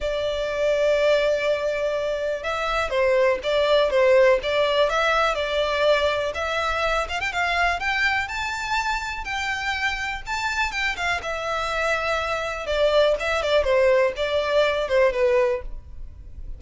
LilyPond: \new Staff \with { instrumentName = "violin" } { \time 4/4 \tempo 4 = 123 d''1~ | d''4 e''4 c''4 d''4 | c''4 d''4 e''4 d''4~ | d''4 e''4. f''16 g''16 f''4 |
g''4 a''2 g''4~ | g''4 a''4 g''8 f''8 e''4~ | e''2 d''4 e''8 d''8 | c''4 d''4. c''8 b'4 | }